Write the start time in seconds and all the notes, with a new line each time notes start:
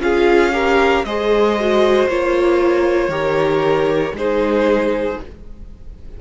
0.00 C#4 F4 G#4 F5
0.52 G4 A#4
1.04 G#3 G#4 C5 D#5
1.59 F#4
2.08 A#3 F4 C#5
3.08 D#3 G4 A#4
4.13 G#3 D#4 G#4 C5